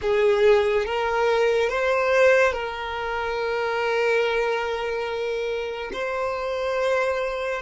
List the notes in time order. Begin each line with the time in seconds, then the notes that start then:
0.01 G#4
0.85 A#4
1.69 C5
2.52 A#4
5.92 C5